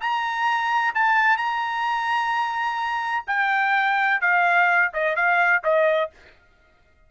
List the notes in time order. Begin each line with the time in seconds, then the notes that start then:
0.00 A#5
0.94 A5
1.37 A#5
3.27 G5
4.20 F5
4.93 D#5
5.15 F5
5.63 D#5